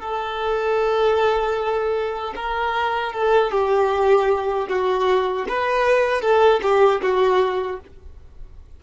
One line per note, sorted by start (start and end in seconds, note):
0.00 2.34 A4
2.36 3.13 A#4
3.13 3.51 A4
3.51 4.68 G4
4.68 5.46 F#4
5.48 6.22 B4
6.22 6.61 A4
6.62 7.01 G4
7.02 7.80 F#4